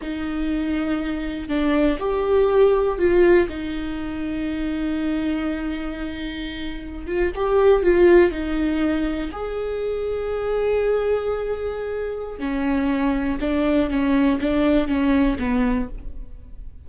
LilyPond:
\new Staff \with { instrumentName = "viola" } { \time 4/4 \tempo 4 = 121 dis'2. d'4 | g'2 f'4 dis'4~ | dis'1~ | dis'2~ dis'16 f'8 g'4 f'16~ |
f'8. dis'2 gis'4~ gis'16~ | gis'1~ | gis'4 cis'2 d'4 | cis'4 d'4 cis'4 b4 | }